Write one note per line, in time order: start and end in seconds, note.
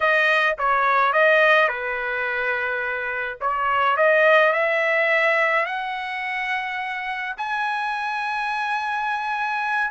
0.00 0.56 D#5
0.58 1.12 C#5
1.12 1.68 D#5
1.68 3.38 B4
3.40 3.96 C#5
3.96 4.53 D#5
4.53 5.65 E5
5.65 7.35 F#5
7.37 9.90 G#5